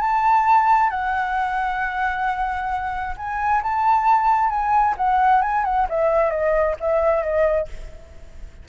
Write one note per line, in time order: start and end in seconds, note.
0.00 0.90 A5
0.90 3.15 F#5
3.17 3.62 G#5
3.63 4.49 A5
4.49 4.95 G#5
4.97 5.42 F#5
5.42 5.64 G#5
5.64 5.87 F#5
5.89 6.30 E5
6.30 6.75 D#5
6.80 7.22 E5
7.22 7.68 D#5